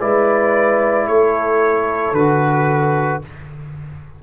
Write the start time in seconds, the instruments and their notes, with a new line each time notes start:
0.00 tuba G#3, trombone E4, horn B4, trumpet D5
1.07 tuba A3, horn A4, trumpet C#5
2.12 tuba D3, trombone F#4, trumpet B4